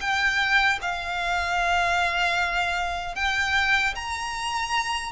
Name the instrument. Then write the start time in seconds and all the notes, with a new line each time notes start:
violin
0.00 G5
0.81 F5
3.15 G5
3.95 A#5